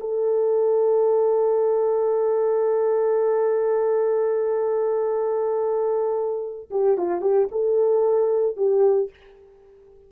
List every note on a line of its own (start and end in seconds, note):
0.00 6.70 A4
6.71 6.97 G4
6.97 7.22 F4
7.22 7.48 G4
7.51 8.57 A4
8.57 9.10 G4